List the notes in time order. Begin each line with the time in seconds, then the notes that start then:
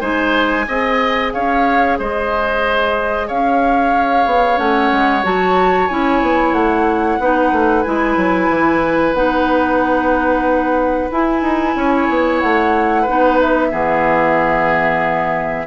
0.00 G#3 D#4 C5 G#5
0.65 C4 G#4 D#5
1.33 C#4 C#5 F5
1.98 G#3 C5 D#5
3.27 C#4 C#5 F5
4.25 B3
4.56 A3 C#4 F#5
4.91 G#3
5.23 F#3 F#4 A5
5.88 C#4 E4 G#5
6.22 B3
6.52 A3 F#5
7.19 B3 D#4 B4
7.51 A3
7.82 G#3 E4 G#5
8.16 F#3
8.49 E3
9.13 B3 D#4 F#5
11.11 E4 G#5
11.41 D#4
11.75 C#4 C#5
12.09 B3
12.40 A3 F#5
13.02 D#4 B4
13.08 B3
13.40 E5
13.71 E3 B3 G#4